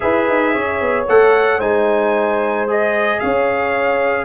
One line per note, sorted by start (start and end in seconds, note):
0.00 0.28 E4
0.00 1.06 G#4
0.00 0.53 B4
0.00 1.05 E5
0.28 0.55 D#4
0.53 0.81 C#4
0.53 1.58 C#5
0.81 1.07 B3
1.08 1.58 A3
1.08 1.60 A4
1.08 1.60 F#5
1.58 3.19 G#3
1.58 2.67 D#4
1.58 3.19 C5
1.58 2.67 G#5
2.67 4.25 G#4
2.67 3.19 D#5
3.19 4.25 C#4
3.19 4.25 C#5
3.19 4.25 F5